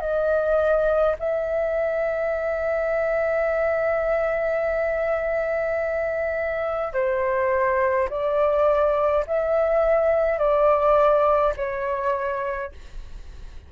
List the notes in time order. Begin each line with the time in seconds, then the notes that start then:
0.00 D#5
1.20 E5
6.93 C5
8.09 D5
9.27 E5
10.38 D5
11.56 C#5